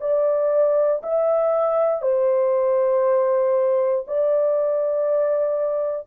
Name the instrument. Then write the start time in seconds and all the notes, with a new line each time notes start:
horn
0.00 D5
1.03 E5
2.02 C5
4.07 D5